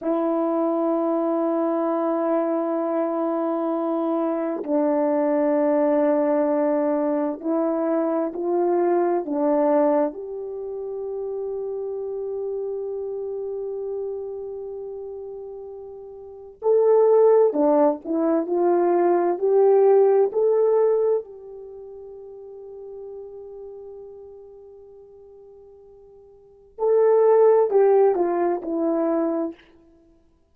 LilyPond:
\new Staff \with { instrumentName = "horn" } { \time 4/4 \tempo 4 = 65 e'1~ | e'4 d'2. | e'4 f'4 d'4 g'4~ | g'1~ |
g'2 a'4 d'8 e'8 | f'4 g'4 a'4 g'4~ | g'1~ | g'4 a'4 g'8 f'8 e'4 | }